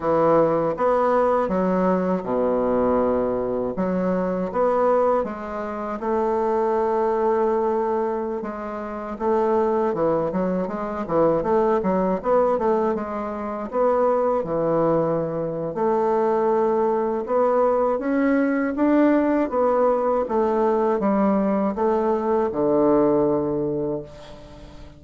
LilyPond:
\new Staff \with { instrumentName = "bassoon" } { \time 4/4 \tempo 4 = 80 e4 b4 fis4 b,4~ | b,4 fis4 b4 gis4 | a2.~ a16 gis8.~ | gis16 a4 e8 fis8 gis8 e8 a8 fis16~ |
fis16 b8 a8 gis4 b4 e8.~ | e4 a2 b4 | cis'4 d'4 b4 a4 | g4 a4 d2 | }